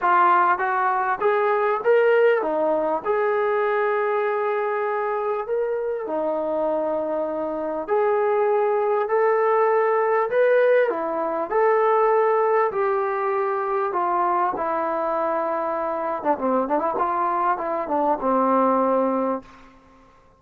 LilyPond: \new Staff \with { instrumentName = "trombone" } { \time 4/4 \tempo 4 = 99 f'4 fis'4 gis'4 ais'4 | dis'4 gis'2.~ | gis'4 ais'4 dis'2~ | dis'4 gis'2 a'4~ |
a'4 b'4 e'4 a'4~ | a'4 g'2 f'4 | e'2~ e'8. d'16 c'8 d'16 e'16 | f'4 e'8 d'8 c'2 | }